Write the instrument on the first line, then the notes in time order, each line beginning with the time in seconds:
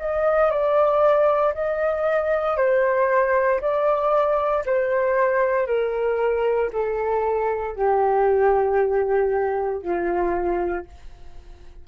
flute
0.00 D#5
0.51 D5
1.55 D#5
2.58 C5
3.61 D5
4.66 C5
5.68 A#4
6.73 A4
7.76 G4
9.82 F4